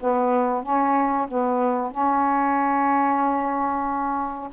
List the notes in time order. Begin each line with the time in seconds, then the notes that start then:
0.00 B3
0.63 C#4
1.28 B3
1.91 C#4